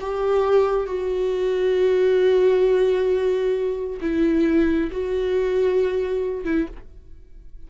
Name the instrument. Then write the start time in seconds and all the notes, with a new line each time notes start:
viola
0.00 G4
0.87 F#4
4.01 E4
4.91 F#4
6.44 E4